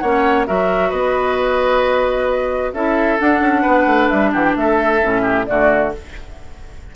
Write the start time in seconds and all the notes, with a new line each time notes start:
0.00 A#3 C#4 C#5 F#5
0.47 F#3 F#4 A#4 E5
0.89 B3 B4 D#5
2.73 C#4 E4 A4 E5
3.19 D4 F#5
3.41 C#4
3.62 B3 B4
3.86 A3
4.09 G3 E5
4.33 E3 G4 F#5
4.45 G5
4.57 A3 A4 E5
5.03 A2 C#4
5.22 G4
5.46 D3 A3 F#4 D5